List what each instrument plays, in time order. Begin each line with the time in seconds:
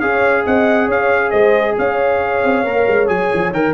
0.00 tuba C#4, trombone G#4, horn C#5, trumpet F5
0.45 tuba C4, horn D#5, trumpet F#5
0.86 tuba C#4, horn C#5, trumpet F5
1.30 tuba G#3, horn C5, trumpet D#5
1.78 tuba C#4, horn C#5, trumpet F5
2.43 tuba C4
2.64 tuba A#3, trombone A#4
2.87 tuba G#3
3.07 tuba F#3, trombone G#4, trumpet G#5
3.33 tuba F3
3.51 tuba D#3, trombone A#4, trumpet G5